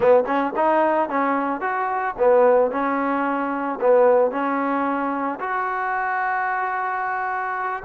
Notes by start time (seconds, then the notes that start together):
0.00 B3
0.26 C#4
0.56 D#4
1.09 C#4
1.60 F#4
2.18 B3
2.71 C#4
3.80 B3
4.31 C#4
5.40 F#4